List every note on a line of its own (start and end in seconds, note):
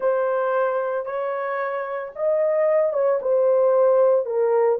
0.00 1.05 C5
1.05 2.11 C#5
2.15 2.93 D#5
2.93 3.19 C#5
3.21 4.25 C5
4.25 4.78 A#4